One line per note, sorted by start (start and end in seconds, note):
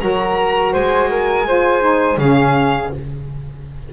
0.00 0.74 F#3
0.00 1.45 F#4
0.00 0.73 A#4
0.00 0.73 A#5
0.73 2.17 G#3
0.73 1.09 C5
0.73 2.19 G#5
1.10 1.47 A#4
1.46 1.81 F4
1.46 2.19 C5
1.81 2.17 D#4
2.17 2.90 C#3
2.17 2.90 C#4
2.17 2.93 G#4
2.17 2.91 F5